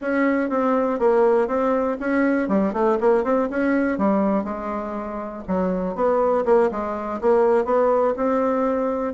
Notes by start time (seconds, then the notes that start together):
0.01 C#4
0.49 C4
0.99 A#3
1.47 C4
2.00 C#4
2.48 G3
2.73 A3
3.00 A#3
3.24 C4
3.50 C#4
3.97 G3
4.44 G#3
5.47 F#3
5.95 B3
6.45 A#3
6.71 G#3
7.21 A#3
7.64 B3
8.16 C4